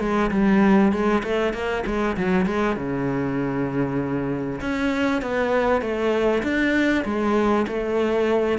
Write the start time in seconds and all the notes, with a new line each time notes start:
0.00 G#3
0.31 G3
0.92 G#3
1.23 A3
1.53 A#3
1.86 G#3
2.17 F#3
2.46 G#3
2.76 C#3
4.61 C#4
5.22 B3
5.81 A3
6.43 D4
7.05 G#3
7.67 A3